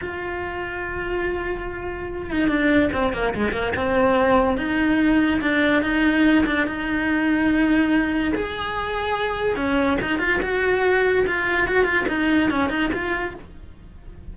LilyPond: \new Staff \with { instrumentName = "cello" } { \time 4/4 \tempo 4 = 144 f'1~ | f'4. dis'8 d'4 c'8 ais8 | gis8 ais8 c'2 dis'4~ | dis'4 d'4 dis'4. d'8 |
dis'1 | gis'2. cis'4 | dis'8 f'8 fis'2 f'4 | fis'8 f'8 dis'4 cis'8 dis'8 f'4 | }